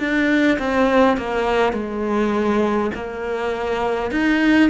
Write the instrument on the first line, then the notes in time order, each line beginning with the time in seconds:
cello
0.00 D4
0.59 C4
1.18 A#3
1.73 G#3
2.95 A#3
4.12 D#4